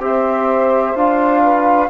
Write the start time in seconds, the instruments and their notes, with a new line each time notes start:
0.00 bassoon C4, trombone G4, saxophone C5, flute E5
0.95 bassoon D4, trombone F4, flute F5
1.43 saxophone B4